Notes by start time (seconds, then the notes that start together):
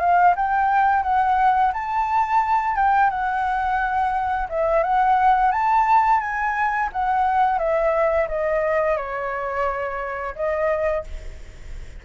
0.00 F5
0.36 G5
1.03 F#5
1.73 A5
2.76 G5
3.10 F#5
4.50 E5
4.83 F#5
5.52 A5
6.21 G#5
6.92 F#5
7.59 E5
8.29 D#5
8.97 C#5
10.35 D#5